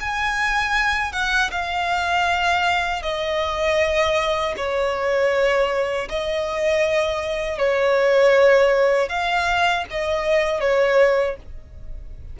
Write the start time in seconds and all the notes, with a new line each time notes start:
0.00 G#5
1.12 F#5
1.51 F5
3.02 D#5
4.56 C#5
6.09 D#5
7.58 C#5
9.09 F5
9.90 D#5
10.60 C#5